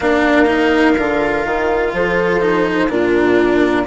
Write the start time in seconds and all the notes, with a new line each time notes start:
0.00 A#3 D4 A#4 F5
0.46 D#4
0.97 D3 F4
1.44 D#3
1.93 F3 A4 C5
2.40 D#4
2.89 A#2 D4 F4 A#4